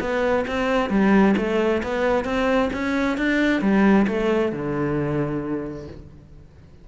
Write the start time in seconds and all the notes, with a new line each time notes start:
0.00 B3
0.47 C4
0.90 G3
1.37 A3
1.83 B3
2.25 C4
2.73 C#4
3.17 D4
3.61 G3
4.07 A3
4.52 D3